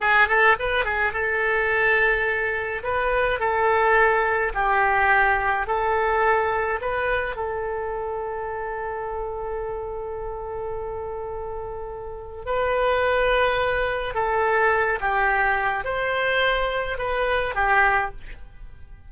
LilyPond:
\new Staff \with { instrumentName = "oboe" } { \time 4/4 \tempo 4 = 106 gis'8 a'8 b'8 gis'8 a'2~ | a'4 b'4 a'2 | g'2 a'2 | b'4 a'2.~ |
a'1~ | a'2 b'2~ | b'4 a'4. g'4. | c''2 b'4 g'4 | }